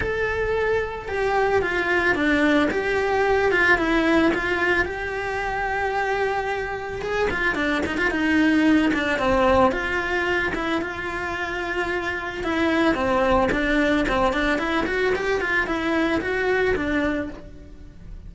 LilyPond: \new Staff \with { instrumentName = "cello" } { \time 4/4 \tempo 4 = 111 a'2 g'4 f'4 | d'4 g'4. f'8 e'4 | f'4 g'2.~ | g'4 gis'8 f'8 d'8 dis'16 f'16 dis'4~ |
dis'8 d'8 c'4 f'4. e'8 | f'2. e'4 | c'4 d'4 c'8 d'8 e'8 fis'8 | g'8 f'8 e'4 fis'4 d'4 | }